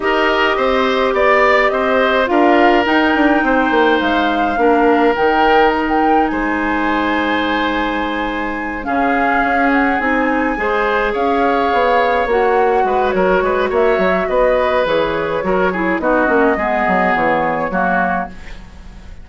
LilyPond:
<<
  \new Staff \with { instrumentName = "flute" } { \time 4/4 \tempo 4 = 105 dis''2 d''4 dis''4 | f''4 g''2 f''4~ | f''4 g''4 ais''16 g''8. gis''4~ | gis''2.~ gis''8 f''8~ |
f''4 fis''8 gis''2 f''8~ | f''4. fis''4. cis''4 | e''4 dis''4 cis''2 | dis''2 cis''2 | }
  \new Staff \with { instrumentName = "oboe" } { \time 4/4 ais'4 c''4 d''4 c''4 | ais'2 c''2 | ais'2. c''4~ | c''2.~ c''8 gis'8~ |
gis'2~ gis'8 c''4 cis''8~ | cis''2~ cis''8 b'8 ais'8 b'8 | cis''4 b'2 ais'8 gis'8 | fis'4 gis'2 fis'4 | }
  \new Staff \with { instrumentName = "clarinet" } { \time 4/4 g'1 | f'4 dis'2. | d'4 dis'2.~ | dis'2.~ dis'8 cis'8~ |
cis'4. dis'4 gis'4.~ | gis'4. fis'2~ fis'8~ | fis'2 gis'4 fis'8 e'8 | dis'8 cis'8 b2 ais4 | }
  \new Staff \with { instrumentName = "bassoon" } { \time 4/4 dis'4 c'4 b4 c'4 | d'4 dis'8 d'8 c'8 ais8 gis4 | ais4 dis2 gis4~ | gis2.~ gis8 cis8~ |
cis8 cis'4 c'4 gis4 cis'8~ | cis'8 b4 ais4 gis8 fis8 gis8 | ais8 fis8 b4 e4 fis4 | b8 ais8 gis8 fis8 e4 fis4 | }
>>